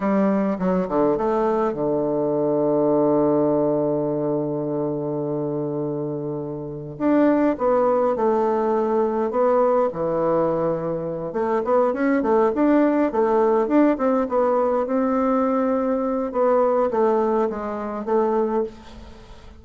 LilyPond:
\new Staff \with { instrumentName = "bassoon" } { \time 4/4 \tempo 4 = 103 g4 fis8 d8 a4 d4~ | d1~ | d1 | d'4 b4 a2 |
b4 e2~ e8 a8 | b8 cis'8 a8 d'4 a4 d'8 | c'8 b4 c'2~ c'8 | b4 a4 gis4 a4 | }